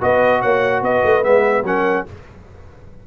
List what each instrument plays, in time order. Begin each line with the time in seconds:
0.00 tuba B3, trombone F#4, horn B4, trumpet D#5
0.41 tuba A#3, horn C#5, trumpet F#5
0.81 tuba B3, horn B4, trumpet D#5
1.03 tuba A3
1.22 tuba G#3, trombone B3, trumpet E5
1.62 tuba F#3, trombone C#4, horn A#4, trumpet F#5